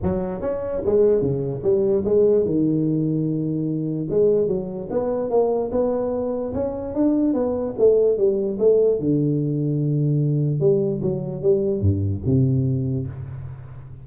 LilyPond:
\new Staff \with { instrumentName = "tuba" } { \time 4/4 \tempo 4 = 147 fis4 cis'4 gis4 cis4 | g4 gis4 dis2~ | dis2 gis4 fis4 | b4 ais4 b2 |
cis'4 d'4 b4 a4 | g4 a4 d2~ | d2 g4 fis4 | g4 g,4 c2 | }